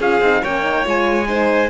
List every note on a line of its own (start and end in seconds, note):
0.00 0.22 C#4
0.00 0.23 F4
0.00 0.42 G#4
0.00 0.44 F5
0.22 0.43 C4
0.22 0.44 D#4
0.42 0.86 A#3
0.42 0.62 C#4
0.42 1.28 C#5
0.42 0.87 G5
0.62 0.84 D#4
0.84 1.70 G#3
0.84 1.27 F4
0.84 1.70 G#5
1.28 1.70 D#4
1.28 1.70 C5